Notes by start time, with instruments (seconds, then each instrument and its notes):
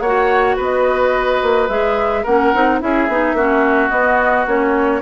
0.00 bassoon A#3, oboe C#5, flute F#5
0.06 clarinet F#4
0.56 bassoon B3, oboe B4
0.63 flute D#5
1.43 bassoon A#3
1.68 bassoon G#3, clarinet G#4, flute E5
2.23 bassoon A#3, clarinet C#4, oboe A#4, flute F#5
2.54 bassoon C4, clarinet D#4
2.80 bassoon C#4, clarinet E4, oboe G#4, flute E5
3.08 bassoon B3, clarinet D#4
3.33 bassoon A#3, clarinet C#4, oboe F#4
3.90 clarinet B3, bassoon B3, flute D#5
4.46 bassoon A#3, clarinet C#4, flute C#5